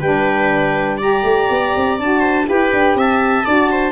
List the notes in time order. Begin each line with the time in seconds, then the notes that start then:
0.00 G3 D4 B4 G5
0.98 G4 D5 A#5
1.24 A3
1.50 B3
1.77 C4
2.00 D4 F#4 A5
2.20 C5
2.45 E4 G4 B4 G5
2.73 D4
2.95 C4 E5 A5
3.45 D4 F#4 D5
3.72 C5